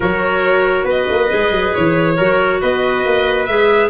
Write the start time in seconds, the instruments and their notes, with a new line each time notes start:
0.00 tuba F#3, clarinet F#4, trumpet A#4, violin C#5
0.84 tuba B3, trumpet B4, violin D#5
1.09 tuba A#3
1.29 tuba G#3, clarinet G#4
1.51 tuba F#3
1.74 tuba E3, violin C#5
2.17 tuba F#3, clarinet F#4, trumpet A#4
2.61 tuba B3, trumpet B4, violin D#5
3.05 tuba A#3
3.45 tuba G#3, clarinet G#4, violin E5